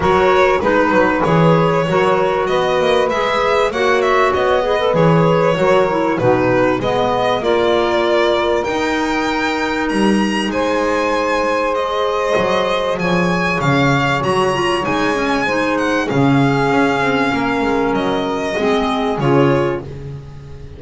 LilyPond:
<<
  \new Staff \with { instrumentName = "violin" } { \time 4/4 \tempo 4 = 97 cis''4 b'4 cis''2 | dis''4 e''4 fis''8 e''8 dis''4 | cis''2 b'4 dis''4 | d''2 g''2 |
ais''4 gis''2 dis''4~ | dis''4 gis''4 f''4 ais''4 | gis''4. fis''8 f''2~ | f''4 dis''2 cis''4 | }
  \new Staff \with { instrumentName = "saxophone" } { \time 4/4 ais'4 b'2 ais'4 | b'2 cis''4. b'8~ | b'4 ais'4 fis'4 b'4 | ais'1~ |
ais'4 c''2.~ | c''4 cis''2.~ | cis''4 c''4 gis'2 | ais'2 gis'2 | }
  \new Staff \with { instrumentName = "clarinet" } { \time 4/4 fis'4 dis'4 gis'4 fis'4~ | fis'4 gis'4 fis'4. gis'16 a'16 | gis'4 fis'8 e'8 dis'4 b4 | f'2 dis'2~ |
dis'2. gis'4~ | gis'2. fis'8 f'8 | dis'8 cis'8 dis'4 cis'2~ | cis'2 c'4 f'4 | }
  \new Staff \with { instrumentName = "double bass" } { \time 4/4 fis4 gis8 fis8 e4 fis4 | b8 ais8 gis4 ais4 b4 | e4 fis4 b,4 gis4 | ais2 dis'2 |
g4 gis2. | fis4 f4 cis4 fis4 | gis2 cis4 cis'8 c'8 | ais8 gis8 fis4 gis4 cis4 | }
>>